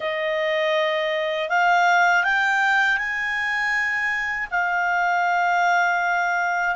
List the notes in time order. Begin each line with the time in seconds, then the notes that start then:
0.00 D#5
1.49 F5
2.23 G5
2.97 G#5
4.50 F5